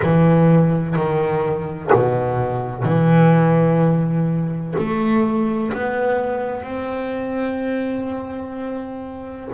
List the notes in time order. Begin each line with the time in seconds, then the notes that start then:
0.03 E3
0.96 D#3
1.93 B2
2.84 E3
4.77 A3
5.73 B3
6.63 C4